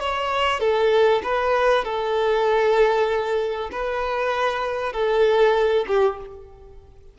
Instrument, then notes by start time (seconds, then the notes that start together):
violin
0.00 C#5
0.60 A4
1.23 B4
1.84 A4
3.71 B4
4.93 A4
5.87 G4